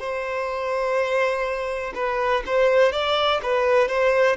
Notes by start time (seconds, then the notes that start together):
0.00 C5
1.95 B4
2.46 C5
2.93 D5
3.43 B4
3.88 C5